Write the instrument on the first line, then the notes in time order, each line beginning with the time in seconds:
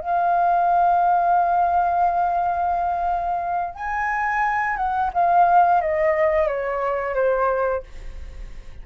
flute
0.00 F5
3.75 G#5
4.77 F#5
5.14 F5
5.81 D#5
6.47 C#5
7.15 C5